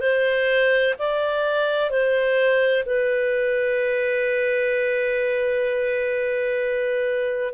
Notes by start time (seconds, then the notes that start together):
0.00 C5
0.98 D5
1.90 C5
2.85 B4